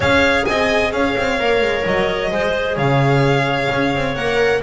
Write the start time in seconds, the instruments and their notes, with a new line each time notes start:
0.00 double bass C#4, viola G#4, clarinet C#5, violin F5
0.45 double bass C4, clarinet D#5, violin G#5
0.92 double bass C#4, clarinet C#5, violin F5
1.17 double bass C4
1.39 double bass A#3, viola A#4
1.61 double bass G#3
1.85 double bass F#3, violin D#5
2.30 double bass G#3, viola G#4, clarinet C5
2.75 double bass C#3, clarinet C#5, violin F5
3.72 double bass C#4
3.94 double bass C4
4.15 double bass A#3, viola A#4, violin F#5